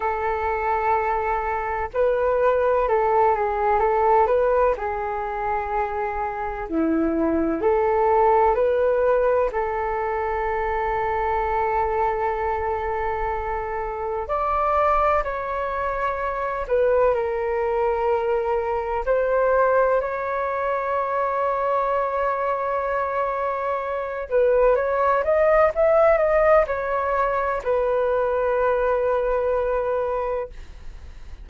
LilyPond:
\new Staff \with { instrumentName = "flute" } { \time 4/4 \tempo 4 = 63 a'2 b'4 a'8 gis'8 | a'8 b'8 gis'2 e'4 | a'4 b'4 a'2~ | a'2. d''4 |
cis''4. b'8 ais'2 | c''4 cis''2.~ | cis''4. b'8 cis''8 dis''8 e''8 dis''8 | cis''4 b'2. | }